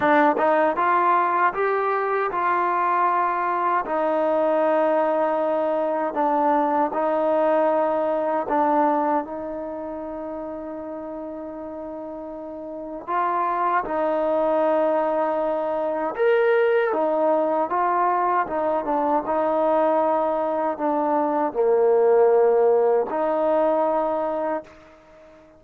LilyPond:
\new Staff \with { instrumentName = "trombone" } { \time 4/4 \tempo 4 = 78 d'8 dis'8 f'4 g'4 f'4~ | f'4 dis'2. | d'4 dis'2 d'4 | dis'1~ |
dis'4 f'4 dis'2~ | dis'4 ais'4 dis'4 f'4 | dis'8 d'8 dis'2 d'4 | ais2 dis'2 | }